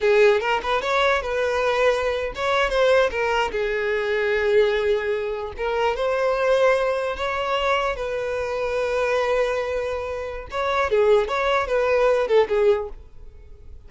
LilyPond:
\new Staff \with { instrumentName = "violin" } { \time 4/4 \tempo 4 = 149 gis'4 ais'8 b'8 cis''4 b'4~ | b'4.~ b'16 cis''4 c''4 ais'16~ | ais'8. gis'2.~ gis'16~ | gis'4.~ gis'16 ais'4 c''4~ c''16~ |
c''4.~ c''16 cis''2 b'16~ | b'1~ | b'2 cis''4 gis'4 | cis''4 b'4. a'8 gis'4 | }